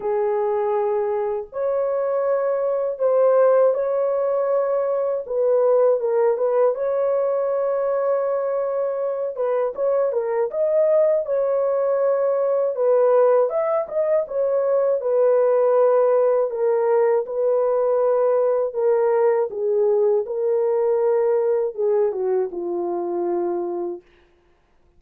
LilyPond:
\new Staff \with { instrumentName = "horn" } { \time 4/4 \tempo 4 = 80 gis'2 cis''2 | c''4 cis''2 b'4 | ais'8 b'8 cis''2.~ | cis''8 b'8 cis''8 ais'8 dis''4 cis''4~ |
cis''4 b'4 e''8 dis''8 cis''4 | b'2 ais'4 b'4~ | b'4 ais'4 gis'4 ais'4~ | ais'4 gis'8 fis'8 f'2 | }